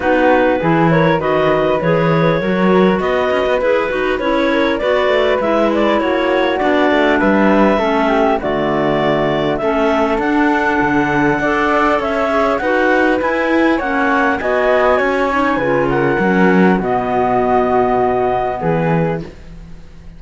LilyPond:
<<
  \new Staff \with { instrumentName = "clarinet" } { \time 4/4 \tempo 4 = 100 b'4. cis''8 dis''4 cis''4~ | cis''4 dis''4 b'4 cis''4 | d''4 e''8 d''8 cis''4 d''4 | e''2 d''2 |
e''4 fis''2. | e''4 fis''4 gis''4 fis''4 | gis''2~ gis''8 fis''4. | dis''2. b'4 | }
  \new Staff \with { instrumentName = "flute" } { \time 4/4 fis'4 gis'8 ais'8 b'2 | ais'4 b'2~ b'8 ais'8 | b'2 fis'2 | b'4 a'8 g'8 fis'2 |
a'2. d''4 | cis''4 b'2 cis''4 | dis''4 cis''4 b'8 ais'4. | fis'2. gis'4 | }
  \new Staff \with { instrumentName = "clarinet" } { \time 4/4 dis'4 e'4 fis'4 gis'4 | fis'2 gis'8 fis'8 e'4 | fis'4 e'2 d'4~ | d'4 cis'4 a2 |
cis'4 d'2 a'4~ | a'8 gis'8 fis'4 e'4 cis'4 | fis'4. dis'8 f'4 cis'4 | b1 | }
  \new Staff \with { instrumentName = "cello" } { \time 4/4 b4 e4 dis4 e4 | fis4 b8 cis'16 b16 e'8 dis'8 cis'4 | b8 a8 gis4 ais4 b8 a8 | g4 a4 d2 |
a4 d'4 d4 d'4 | cis'4 dis'4 e'4 ais4 | b4 cis'4 cis4 fis4 | b,2. e4 | }
>>